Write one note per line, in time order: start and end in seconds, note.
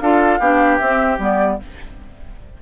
0.00 0.39 D4
0.00 0.40 F4
0.00 0.40 A4
0.00 0.78 F5
0.39 0.79 B3
0.39 0.80 D4
0.39 1.60 G4
0.78 1.18 C4
0.78 1.19 C4
0.78 1.18 E5
1.18 1.58 G3
1.18 1.59 B3
1.18 1.62 D5